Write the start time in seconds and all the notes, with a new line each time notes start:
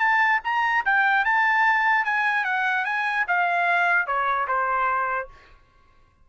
0.00 A5
0.44 A#5
0.85 G5
1.25 A5
2.05 G#5
2.45 F#5
2.85 G#5
3.28 F5
4.07 C#5
4.48 C5